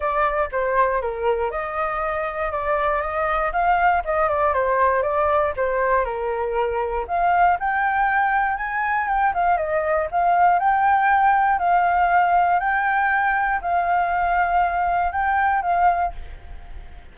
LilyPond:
\new Staff \with { instrumentName = "flute" } { \time 4/4 \tempo 4 = 119 d''4 c''4 ais'4 dis''4~ | dis''4 d''4 dis''4 f''4 | dis''8 d''8 c''4 d''4 c''4 | ais'2 f''4 g''4~ |
g''4 gis''4 g''8 f''8 dis''4 | f''4 g''2 f''4~ | f''4 g''2 f''4~ | f''2 g''4 f''4 | }